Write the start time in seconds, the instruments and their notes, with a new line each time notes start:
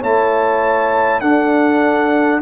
0.00 tuba A3, trombone E4, horn C#5, trumpet A5
1.20 tuba D4, trombone D4, horn A4, trumpet F#5